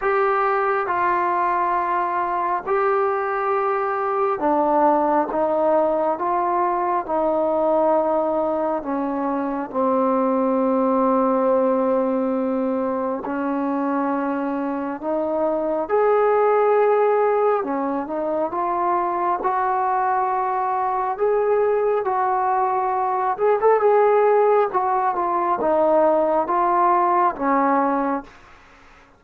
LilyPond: \new Staff \with { instrumentName = "trombone" } { \time 4/4 \tempo 4 = 68 g'4 f'2 g'4~ | g'4 d'4 dis'4 f'4 | dis'2 cis'4 c'4~ | c'2. cis'4~ |
cis'4 dis'4 gis'2 | cis'8 dis'8 f'4 fis'2 | gis'4 fis'4. gis'16 a'16 gis'4 | fis'8 f'8 dis'4 f'4 cis'4 | }